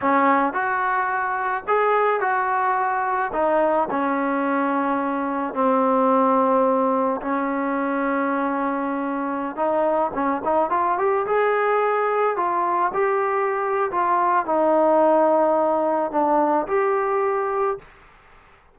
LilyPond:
\new Staff \with { instrumentName = "trombone" } { \time 4/4 \tempo 4 = 108 cis'4 fis'2 gis'4 | fis'2 dis'4 cis'4~ | cis'2 c'2~ | c'4 cis'2.~ |
cis'4~ cis'16 dis'4 cis'8 dis'8 f'8 g'16~ | g'16 gis'2 f'4 g'8.~ | g'4 f'4 dis'2~ | dis'4 d'4 g'2 | }